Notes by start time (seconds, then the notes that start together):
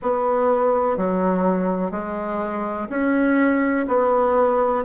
0.02 B3
0.97 F#3
1.91 G#3
2.89 C#4
3.87 B3